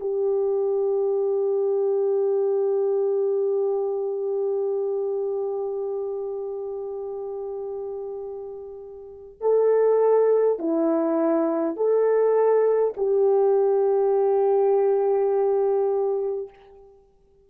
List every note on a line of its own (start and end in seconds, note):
0.00 9.41 G4
9.41 10.59 A4
10.59 11.76 E4
11.76 12.94 A4
12.97 16.50 G4